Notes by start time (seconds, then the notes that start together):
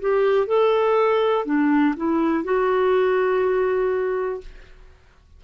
0.00 G4
0.46 A4
1.45 D4
1.96 E4
2.44 F#4